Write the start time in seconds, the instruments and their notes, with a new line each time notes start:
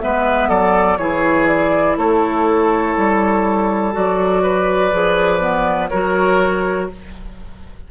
0.00 bassoon G#3, clarinet B3, oboe B4, flute E5
0.49 bassoon F#3, oboe A4, flute D5
0.98 bassoon E3, clarinet E4, oboe G#4, flute C#5
1.48 flute D5
1.98 bassoon A3, oboe A4, flute C#5
2.97 bassoon G3
3.93 bassoon F#3, clarinet F#4, flute D5
4.43 oboe B4
4.92 bassoon F3, clarinet G#4
5.40 clarinet B3
5.89 bassoon F#3, clarinet F#4, oboe A#4, flute C#5